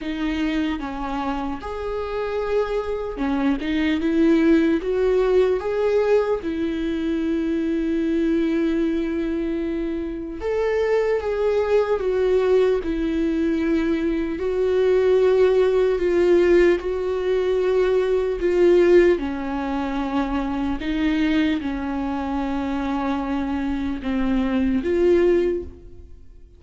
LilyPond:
\new Staff \with { instrumentName = "viola" } { \time 4/4 \tempo 4 = 75 dis'4 cis'4 gis'2 | cis'8 dis'8 e'4 fis'4 gis'4 | e'1~ | e'4 a'4 gis'4 fis'4 |
e'2 fis'2 | f'4 fis'2 f'4 | cis'2 dis'4 cis'4~ | cis'2 c'4 f'4 | }